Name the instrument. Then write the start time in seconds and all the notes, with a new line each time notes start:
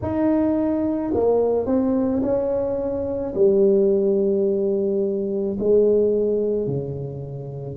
tuba
0.02 D#4
1.14 A#3
1.66 C4
2.22 C#4
3.34 G3
5.59 G#3
6.67 C#3